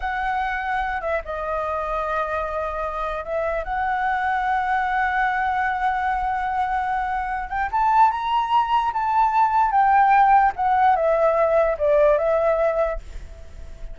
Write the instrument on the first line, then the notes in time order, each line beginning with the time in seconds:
flute
0.00 F#5
1.01 E5
1.25 D#5
3.24 E5
3.64 F#5
7.49 G5
7.71 A5
8.10 A#5
8.93 A5
9.71 G5
10.56 F#5
10.96 E5
11.78 D5
12.18 E5